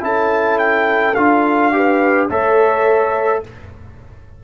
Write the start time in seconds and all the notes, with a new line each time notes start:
0.00 C#4 E4 A4 A5
0.58 G5
1.14 D4 F4 F5
1.72 G4 B4
2.29 A3 A4 C#5 E5